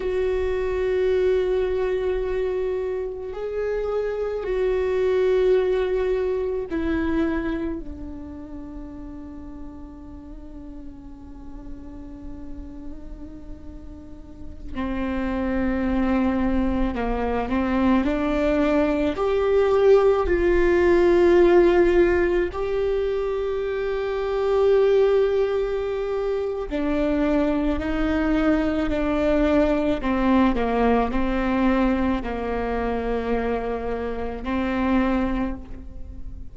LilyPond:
\new Staff \with { instrumentName = "viola" } { \time 4/4 \tempo 4 = 54 fis'2. gis'4 | fis'2 e'4 d'4~ | d'1~ | d'4~ d'16 c'2 ais8 c'16~ |
c'16 d'4 g'4 f'4.~ f'16~ | f'16 g'2.~ g'8. | d'4 dis'4 d'4 c'8 ais8 | c'4 ais2 c'4 | }